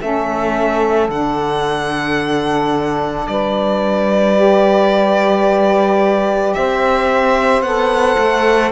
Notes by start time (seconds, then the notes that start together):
0.00 A3 C#4 A4 E5
1.09 D3 D4 F#5
3.27 G3 B4 D5
4.36 G4
6.54 C4 C5 E5
7.62 B3 A4 F#5
8.19 A3